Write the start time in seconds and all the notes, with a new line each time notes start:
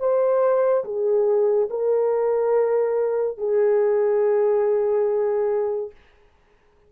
0.00 C5
0.85 G#4
1.71 A#4
3.38 G#4